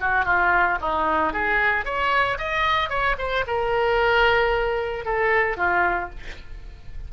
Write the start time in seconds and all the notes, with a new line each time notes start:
0.00 F#4
0.25 F4
0.81 D#4
1.33 G#4
1.84 C#5
2.38 D#5
2.89 C#5
3.18 C5
3.47 A#4
5.05 A4
5.57 F4